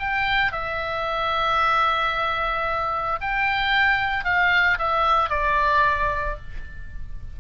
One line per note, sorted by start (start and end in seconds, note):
0.00 0.52 G5
0.52 3.20 E5
3.21 4.25 G5
4.25 4.78 F5
4.79 5.30 E5
5.30 6.37 D5